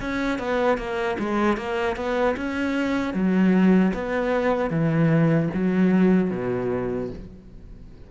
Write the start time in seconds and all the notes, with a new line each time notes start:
0.00 C#4
0.38 B3
0.78 A#3
1.19 G#3
1.57 A#3
1.96 B3
2.36 C#4
3.14 F#3
3.94 B3
4.70 E3
5.53 F#3
6.31 B2